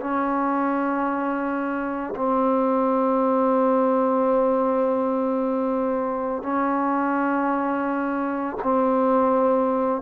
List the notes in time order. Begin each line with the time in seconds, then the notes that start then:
0.00 C#4
2.16 C4
6.43 C#4
8.63 C4